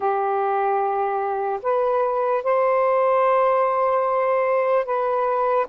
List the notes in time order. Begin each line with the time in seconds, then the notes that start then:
0.00 G4
1.62 B4
2.43 C5
4.85 B4